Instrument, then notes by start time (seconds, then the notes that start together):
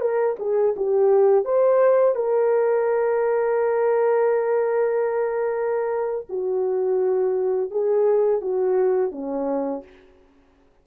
horn
0.00 A#4
0.39 G#4
0.76 G4
1.44 C5
2.15 A#4
6.29 F#4
7.70 G#4
8.41 F#4
9.11 C#4